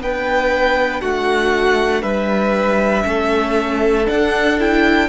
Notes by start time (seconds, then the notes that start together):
0.00 B3 D4 B4 G5
1.02 A3 F#4 F#5
2.03 G3 B4 E5
3.03 A3 C#4 A4
4.06 D4 F#5
4.59 E4 G5